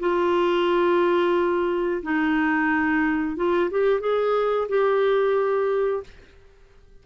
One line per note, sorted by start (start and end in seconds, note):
0.00 2.02 F4
2.03 3.36 D#4
3.36 3.70 F4
3.71 4.01 G4
4.01 4.68 G#4
4.69 6.04 G4